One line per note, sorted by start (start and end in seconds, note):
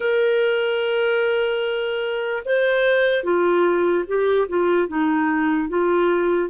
0.00 2.43 A#4
2.45 3.23 C5
3.23 4.04 F4
4.07 4.47 G4
4.48 4.88 F4
4.88 5.69 D#4
5.69 6.49 F4